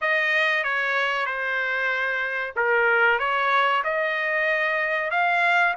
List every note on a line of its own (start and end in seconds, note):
0.01 0.63 D#5
0.63 1.26 C#5
1.26 2.53 C5
2.56 3.19 A#4
3.19 3.83 C#5
3.84 5.10 D#5
5.10 5.74 F5